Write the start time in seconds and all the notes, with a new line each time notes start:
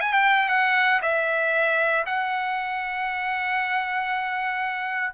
0.00 G#5
0.13 G5
0.49 F#5
1.02 E5
2.06 F#5